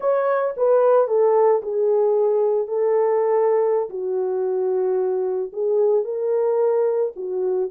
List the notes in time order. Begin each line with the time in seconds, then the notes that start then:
0.00 C#5
0.56 B4
1.07 A4
1.62 G#4
2.67 A4
3.89 F#4
5.52 G#4
6.04 A#4
7.15 F#4